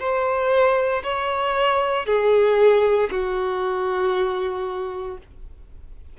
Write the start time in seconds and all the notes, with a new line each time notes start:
0.00 C5
1.04 C#5
2.06 G#4
3.11 F#4